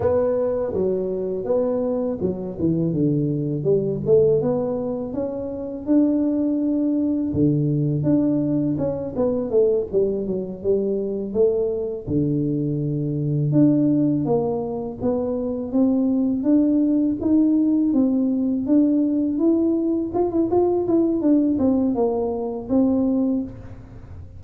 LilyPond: \new Staff \with { instrumentName = "tuba" } { \time 4/4 \tempo 4 = 82 b4 fis4 b4 fis8 e8 | d4 g8 a8 b4 cis'4 | d'2 d4 d'4 | cis'8 b8 a8 g8 fis8 g4 a8~ |
a8 d2 d'4 ais8~ | ais8 b4 c'4 d'4 dis'8~ | dis'8 c'4 d'4 e'4 f'16 e'16 | f'8 e'8 d'8 c'8 ais4 c'4 | }